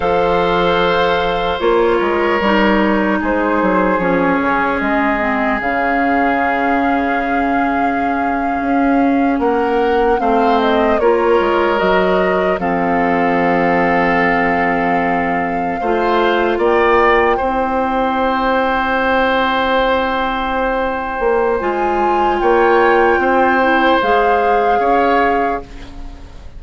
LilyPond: <<
  \new Staff \with { instrumentName = "flute" } { \time 4/4 \tempo 4 = 75 f''2 cis''2 | c''4 cis''4 dis''4 f''4~ | f''2.~ f''8. fis''16~ | fis''8. f''8 dis''8 cis''4 dis''4 f''16~ |
f''1~ | f''8. g''2.~ g''16~ | g''2. gis''4 | g''2 f''2 | }
  \new Staff \with { instrumentName = "oboe" } { \time 4/4 c''2~ c''8 ais'4. | gis'1~ | gis'2.~ gis'8. ais'16~ | ais'8. c''4 ais'2 a'16~ |
a'2.~ a'8. c''16~ | c''8. d''4 c''2~ c''16~ | c''1 | cis''4 c''2 cis''4 | }
  \new Staff \with { instrumentName = "clarinet" } { \time 4/4 a'2 f'4 dis'4~ | dis'4 cis'4. c'8 cis'4~ | cis'1~ | cis'8. c'4 f'4 fis'4 c'16~ |
c'2.~ c'8. f'16~ | f'4.~ f'16 e'2~ e'16~ | e'2. f'4~ | f'4. e'8 gis'2 | }
  \new Staff \with { instrumentName = "bassoon" } { \time 4/4 f2 ais8 gis8 g4 | gis8 fis8 f8 cis8 gis4 cis4~ | cis2~ cis8. cis'4 ais16~ | ais8. a4 ais8 gis8 fis4 f16~ |
f2.~ f8. a16~ | a8. ais4 c'2~ c'16~ | c'2~ c'8 ais8 gis4 | ais4 c'4 gis4 cis'4 | }
>>